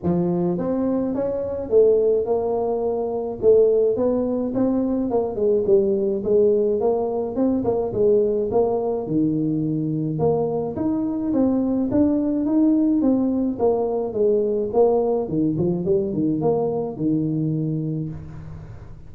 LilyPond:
\new Staff \with { instrumentName = "tuba" } { \time 4/4 \tempo 4 = 106 f4 c'4 cis'4 a4 | ais2 a4 b4 | c'4 ais8 gis8 g4 gis4 | ais4 c'8 ais8 gis4 ais4 |
dis2 ais4 dis'4 | c'4 d'4 dis'4 c'4 | ais4 gis4 ais4 dis8 f8 | g8 dis8 ais4 dis2 | }